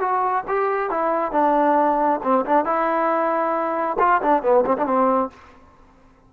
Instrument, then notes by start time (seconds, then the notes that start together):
trombone
0.00 F#4
0.48 G4
0.90 E4
1.32 D4
2.23 C4
2.46 D4
2.65 E4
3.99 F4
4.23 D4
4.43 B3
4.66 C4
4.78 D4
4.86 C4